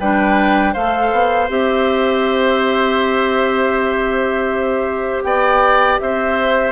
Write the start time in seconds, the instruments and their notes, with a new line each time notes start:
0.00 bassoon G3, clarinet D4, oboe B4, flute G5
0.73 bassoon A3, clarinet A4, oboe C5, flute F5
1.13 bassoon B3
1.49 bassoon C4, clarinet G4, flute E5
5.24 bassoon B3, oboe D5, flute G5
5.99 bassoon C4, oboe C5, flute E5